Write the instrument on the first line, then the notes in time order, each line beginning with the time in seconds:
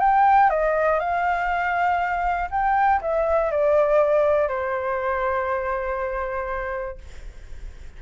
flute
0.00 G5
0.50 D#5
1.00 F5
2.51 G5
3.02 E5
3.51 D5
4.48 C5